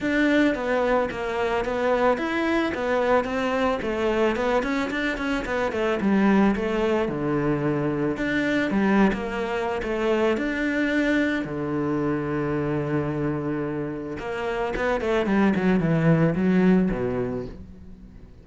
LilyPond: \new Staff \with { instrumentName = "cello" } { \time 4/4 \tempo 4 = 110 d'4 b4 ais4 b4 | e'4 b4 c'4 a4 | b8 cis'8 d'8 cis'8 b8 a8 g4 | a4 d2 d'4 |
g8. ais4~ ais16 a4 d'4~ | d'4 d2.~ | d2 ais4 b8 a8 | g8 fis8 e4 fis4 b,4 | }